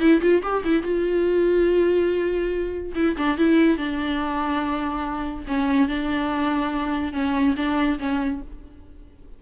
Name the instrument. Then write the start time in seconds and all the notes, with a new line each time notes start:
viola
0.00 E4
0.22 F4
0.43 G4
0.64 E4
0.83 F4
2.95 E4
3.17 D4
3.38 E4
3.78 D4
5.48 C#4
5.89 D4
7.13 C#4
7.57 D4
7.99 C#4